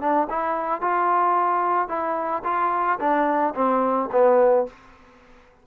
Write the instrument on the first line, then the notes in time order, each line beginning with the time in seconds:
trombone
0.00 D4
0.29 E4
0.81 F4
1.88 E4
2.44 F4
3.00 D4
3.55 C4
4.12 B3